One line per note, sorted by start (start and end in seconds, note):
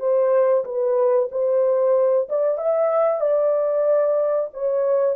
0.00 0.65 C5
0.65 1.29 B4
1.32 2.28 C5
2.29 2.58 D5
2.58 3.21 E5
3.21 4.50 D5
4.54 5.16 C#5